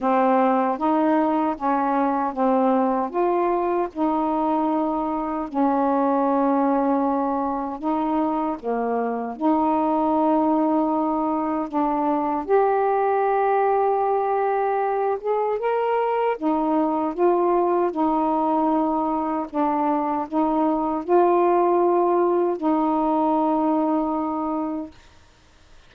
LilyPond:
\new Staff \with { instrumentName = "saxophone" } { \time 4/4 \tempo 4 = 77 c'4 dis'4 cis'4 c'4 | f'4 dis'2 cis'4~ | cis'2 dis'4 ais4 | dis'2. d'4 |
g'2.~ g'8 gis'8 | ais'4 dis'4 f'4 dis'4~ | dis'4 d'4 dis'4 f'4~ | f'4 dis'2. | }